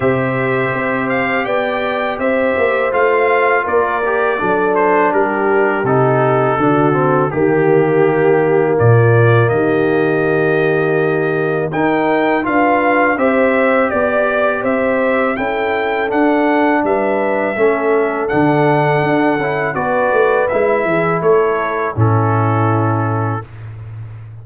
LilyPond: <<
  \new Staff \with { instrumentName = "trumpet" } { \time 4/4 \tempo 4 = 82 e''4. f''8 g''4 e''4 | f''4 d''4. c''8 ais'4 | a'2 g'2 | d''4 dis''2. |
g''4 f''4 e''4 d''4 | e''4 g''4 fis''4 e''4~ | e''4 fis''2 d''4 | e''4 cis''4 a'2 | }
  \new Staff \with { instrumentName = "horn" } { \time 4/4 c''2 d''4 c''4~ | c''4 ais'4 a'4 g'4~ | g'4 fis'4 g'2 | f'4 g'2. |
ais'4 b'4 c''4 d''4 | c''4 a'2 b'4 | a'2. b'4~ | b'8 gis'8 a'4 e'2 | }
  \new Staff \with { instrumentName = "trombone" } { \time 4/4 g'1 | f'4. g'8 d'2 | dis'4 d'8 c'8 ais2~ | ais1 |
dis'4 f'4 g'2~ | g'4 e'4 d'2 | cis'4 d'4. e'8 fis'4 | e'2 cis'2 | }
  \new Staff \with { instrumentName = "tuba" } { \time 4/4 c4 c'4 b4 c'8 ais8 | a4 ais4 fis4 g4 | c4 d4 dis2 | ais,4 dis2. |
dis'4 d'4 c'4 b4 | c'4 cis'4 d'4 g4 | a4 d4 d'8 cis'8 b8 a8 | gis8 e8 a4 a,2 | }
>>